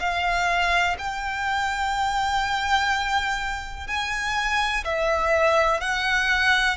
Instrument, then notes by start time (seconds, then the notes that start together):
violin
0.00 F5
0.99 G5
3.88 G#5
4.85 E5
5.81 F#5